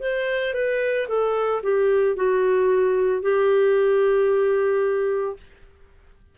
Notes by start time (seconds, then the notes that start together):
0.00 C5
0.54 B4
1.08 A4
1.63 G4
2.16 F#4
3.22 G4